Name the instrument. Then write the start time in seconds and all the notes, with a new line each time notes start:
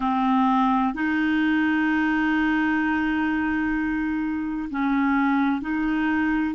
clarinet
0.00 C4
0.94 D#4
4.70 C#4
5.61 D#4